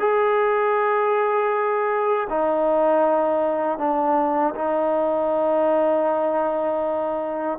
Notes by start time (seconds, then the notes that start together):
0.00 G#4
2.30 D#4
3.79 D4
4.55 D#4